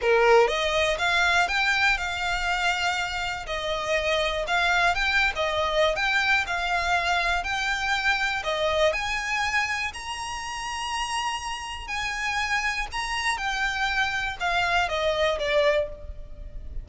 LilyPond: \new Staff \with { instrumentName = "violin" } { \time 4/4 \tempo 4 = 121 ais'4 dis''4 f''4 g''4 | f''2. dis''4~ | dis''4 f''4 g''8. dis''4~ dis''16 | g''4 f''2 g''4~ |
g''4 dis''4 gis''2 | ais''1 | gis''2 ais''4 g''4~ | g''4 f''4 dis''4 d''4 | }